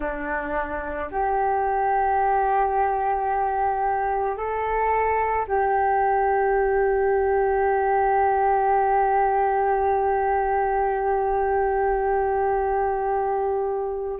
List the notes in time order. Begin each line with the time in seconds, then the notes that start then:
0.00 D4
1.11 G4
4.36 A4
5.47 G4